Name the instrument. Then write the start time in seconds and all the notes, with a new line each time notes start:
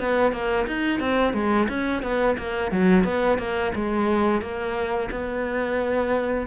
cello
0.00 B3
0.32 A#3
0.67 D#4
1.00 C4
1.34 G#3
1.69 C#4
2.03 B3
2.38 A#3
2.71 F#3
3.04 B3
3.38 A#3
3.75 G#3
4.42 A#3
5.11 B3